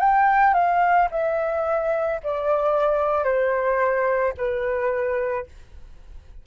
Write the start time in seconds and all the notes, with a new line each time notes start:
0.00 G5
0.54 F5
1.11 E5
2.24 D5
3.24 C5
4.37 B4